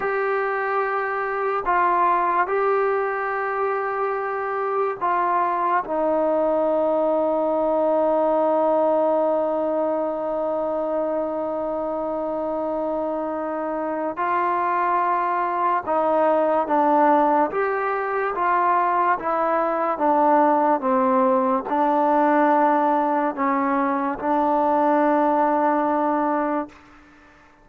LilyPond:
\new Staff \with { instrumentName = "trombone" } { \time 4/4 \tempo 4 = 72 g'2 f'4 g'4~ | g'2 f'4 dis'4~ | dis'1~ | dis'1~ |
dis'4 f'2 dis'4 | d'4 g'4 f'4 e'4 | d'4 c'4 d'2 | cis'4 d'2. | }